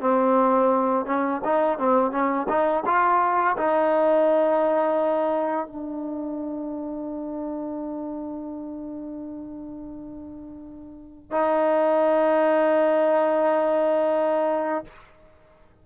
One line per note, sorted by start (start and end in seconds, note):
0.00 1.06 C4
1.06 1.41 C#4
1.44 1.79 D#4
1.79 2.12 C4
2.12 2.47 C#4
2.49 2.84 D#4
2.86 3.56 F4
3.57 5.67 D#4
5.67 11.31 D4
11.31 14.84 D#4